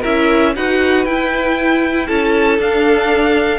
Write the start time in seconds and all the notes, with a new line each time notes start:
0.00 C#4 E4 A#4 E5
0.56 D#4 F#4 B4 F#5
1.05 E4 G5
2.07 C#4 A4 A5
2.59 D4 F5